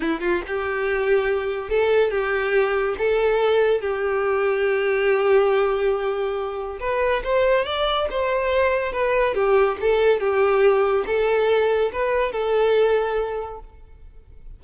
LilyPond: \new Staff \with { instrumentName = "violin" } { \time 4/4 \tempo 4 = 141 e'8 f'8 g'2. | a'4 g'2 a'4~ | a'4 g'2.~ | g'1 |
b'4 c''4 d''4 c''4~ | c''4 b'4 g'4 a'4 | g'2 a'2 | b'4 a'2. | }